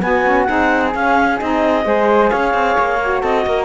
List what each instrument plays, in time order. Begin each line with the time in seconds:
0.00 saxophone B3, cello B3, flute F#4, clarinet G#5
0.24 saxophone C#4
0.44 cello C4, saxophone D#4, flute G#4, clarinet F#5
0.95 cello C#4, saxophone C#4, clarinet F5
1.40 cello C4, saxophone D#4, clarinet D#5
1.84 cello G#3, saxophone G#4, flute C5
2.29 cello C#4, flute C#5, clarinet F5
2.54 cello C4
2.78 cello A#3
3.02 saxophone F#4
3.21 cello C4, flute A4, clarinet D#5
3.46 cello A#3, flute A#4